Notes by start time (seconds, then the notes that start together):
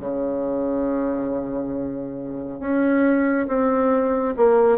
0.00 C#3
2.60 C#4
3.48 C4
4.37 A#3